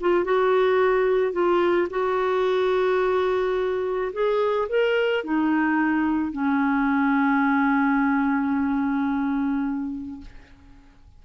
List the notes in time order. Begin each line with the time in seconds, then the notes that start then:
0.00 F4
0.24 F#4
1.32 F4
1.89 F#4
4.12 G#4
4.68 A#4
5.23 D#4
6.32 C#4